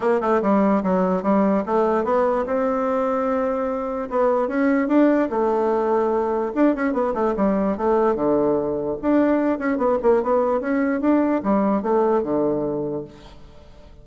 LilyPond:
\new Staff \with { instrumentName = "bassoon" } { \time 4/4 \tempo 4 = 147 ais8 a8 g4 fis4 g4 | a4 b4 c'2~ | c'2 b4 cis'4 | d'4 a2. |
d'8 cis'8 b8 a8 g4 a4 | d2 d'4. cis'8 | b8 ais8 b4 cis'4 d'4 | g4 a4 d2 | }